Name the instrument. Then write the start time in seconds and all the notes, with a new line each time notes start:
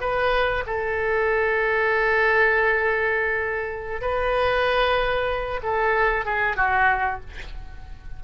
oboe
0.00 B4
0.66 A4
4.01 B4
5.63 A4
6.25 G#4
6.56 F#4